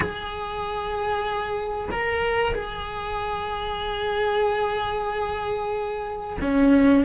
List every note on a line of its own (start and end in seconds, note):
0.00 1.89 G#4
1.91 2.54 A#4
2.54 6.37 G#4
6.41 7.04 C#4